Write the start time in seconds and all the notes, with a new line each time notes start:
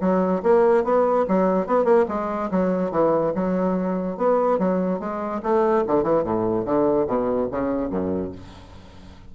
0.00 F#3
0.43 A#3
0.84 B3
1.28 F#3
1.67 B3
1.84 A#3
2.08 G#3
2.51 F#3
2.91 E3
3.34 F#3
4.17 B3
4.59 F#3
4.99 G#3
5.42 A3
5.87 D3
6.03 E3
6.23 A2
6.65 D3
7.07 B2
7.51 C#3
7.90 F#2